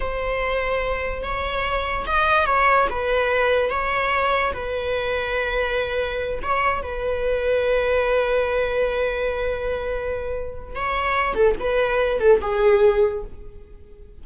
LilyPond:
\new Staff \with { instrumentName = "viola" } { \time 4/4 \tempo 4 = 145 c''2. cis''4~ | cis''4 dis''4 cis''4 b'4~ | b'4 cis''2 b'4~ | b'2.~ b'8 cis''8~ |
cis''8 b'2.~ b'8~ | b'1~ | b'2 cis''4. a'8 | b'4. a'8 gis'2 | }